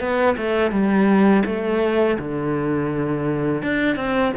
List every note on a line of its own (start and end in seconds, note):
0.00 0.36 B3
0.37 0.71 A3
0.71 1.43 G3
1.46 2.18 A3
2.19 3.62 D3
3.62 3.96 D4
3.96 4.32 C4